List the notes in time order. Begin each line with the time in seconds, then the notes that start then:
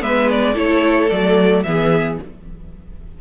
0.00 G#3 B3 B4 E5
0.31 D5
0.55 A3 E4 A4 C#5
1.10 F#3 A3 D5
1.63 E3 B3 G#4 E5